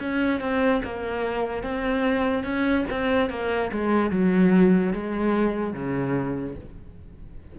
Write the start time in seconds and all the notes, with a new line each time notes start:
0.00 C#4
0.41 C4
0.84 A#3
1.63 C4
2.44 C#4
2.90 C4
3.30 A#3
3.72 G#3
4.11 F#3
4.93 G#3
5.73 C#3